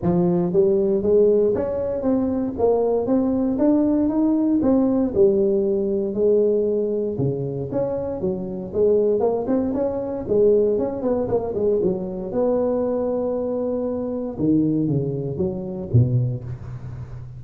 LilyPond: \new Staff \with { instrumentName = "tuba" } { \time 4/4 \tempo 4 = 117 f4 g4 gis4 cis'4 | c'4 ais4 c'4 d'4 | dis'4 c'4 g2 | gis2 cis4 cis'4 |
fis4 gis4 ais8 c'8 cis'4 | gis4 cis'8 b8 ais8 gis8 fis4 | b1 | dis4 cis4 fis4 b,4 | }